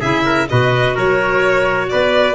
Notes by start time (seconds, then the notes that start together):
0.00 C#3 E4 G#4 E5
0.25 A#4
0.49 B2 F#4 B4 D#5
0.95 F#3 A#4 C#5
1.89 B3 B4 D5